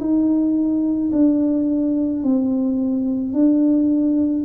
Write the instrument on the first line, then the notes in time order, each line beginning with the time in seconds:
tuba
0.00 D#4
1.12 D4
2.23 C4
3.33 D4